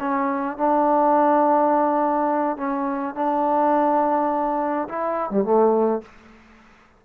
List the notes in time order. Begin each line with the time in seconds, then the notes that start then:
0.00 C#4
0.58 D4
2.58 C#4
3.15 D4
4.89 E4
5.31 G3
5.45 A3